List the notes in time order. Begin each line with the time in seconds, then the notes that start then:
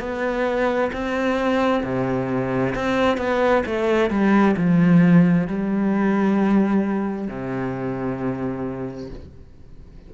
0.00 B3
0.93 C4
1.83 C3
2.75 C4
3.18 B3
3.66 A3
4.10 G3
4.57 F3
5.48 G3
7.28 C3